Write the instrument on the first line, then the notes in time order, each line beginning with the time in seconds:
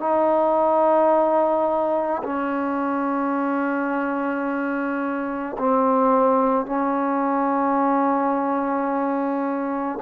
trombone
0.00 D#4
2.23 C#4
5.58 C4
6.66 C#4